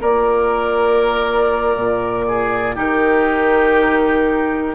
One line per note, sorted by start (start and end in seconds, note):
0.00 1.76 A#3
0.00 2.75 F4
0.00 2.25 A#4
0.00 2.77 D5
1.76 2.76 A#2
2.27 2.75 G#4
2.75 4.74 D#3
2.75 4.74 D#4
2.75 4.74 G4
2.75 4.74 A#4